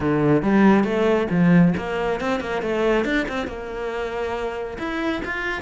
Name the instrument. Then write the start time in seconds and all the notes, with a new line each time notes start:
cello
0.00 D3
0.42 G3
0.83 A3
1.30 F3
1.77 A#3
2.20 C4
2.40 A#3
2.61 A3
3.04 D4
3.28 C4
3.47 A#3
4.78 E4
5.24 F4